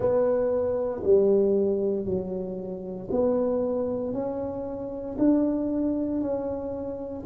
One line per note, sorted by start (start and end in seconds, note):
0.00 1.02 B3
1.03 2.05 G3
2.05 3.08 F#3
3.10 4.13 B3
4.13 5.16 C#4
5.18 6.21 D4
6.21 7.24 C#4